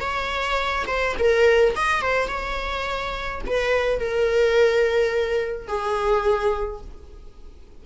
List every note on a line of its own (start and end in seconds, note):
0.00 0.85 C#5
0.86 1.15 C5
1.18 1.75 A#4
1.75 2.01 D#5
2.01 2.28 C5
2.28 3.41 C#5
3.46 3.99 B4
3.99 5.67 A#4
5.67 6.81 G#4